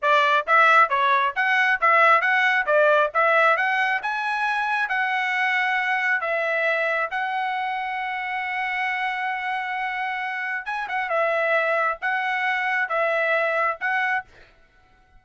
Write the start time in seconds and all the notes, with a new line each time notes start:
0.02 D5
0.46 E5
0.89 C#5
1.35 F#5
1.81 E5
2.21 F#5
2.66 D5
3.14 E5
3.56 F#5
4.02 G#5
4.88 F#5
6.20 E5
7.10 F#5
10.65 G#5
10.88 F#5
11.09 E5
12.01 F#5
12.88 E5
13.80 F#5